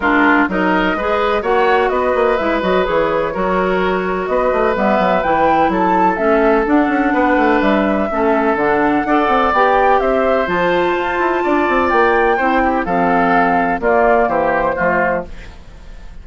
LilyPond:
<<
  \new Staff \with { instrumentName = "flute" } { \time 4/4 \tempo 4 = 126 ais'4 dis''2 fis''4 | dis''4 e''8 dis''8 cis''2~ | cis''4 dis''4 e''4 g''4 | a''4 e''4 fis''2 |
e''2 fis''2 | g''4 e''4 a''2~ | a''4 g''2 f''4~ | f''4 d''4 c''2 | }
  \new Staff \with { instrumentName = "oboe" } { \time 4/4 f'4 ais'4 b'4 cis''4 | b'2. ais'4~ | ais'4 b'2. | a'2. b'4~ |
b'4 a'2 d''4~ | d''4 c''2. | d''2 c''8 g'8 a'4~ | a'4 f'4 g'4 f'4 | }
  \new Staff \with { instrumentName = "clarinet" } { \time 4/4 d'4 dis'4 gis'4 fis'4~ | fis'4 e'8 fis'8 gis'4 fis'4~ | fis'2 b4 e'4~ | e'4 cis'4 d'2~ |
d'4 cis'4 d'4 a'4 | g'2 f'2~ | f'2 e'4 c'4~ | c'4 ais2 a4 | }
  \new Staff \with { instrumentName = "bassoon" } { \time 4/4 gis4 fis4 gis4 ais4 | b8 ais8 gis8 fis8 e4 fis4~ | fis4 b8 a8 g8 fis8 e4 | fis4 a4 d'8 cis'8 b8 a8 |
g4 a4 d4 d'8 c'8 | b4 c'4 f4 f'8 e'8 | d'8 c'8 ais4 c'4 f4~ | f4 ais4 e4 f4 | }
>>